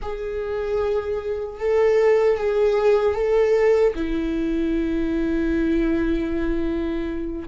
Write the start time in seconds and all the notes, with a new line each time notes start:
0.01 G#4
1.59 A4
2.37 G#4
3.14 A4
3.95 E4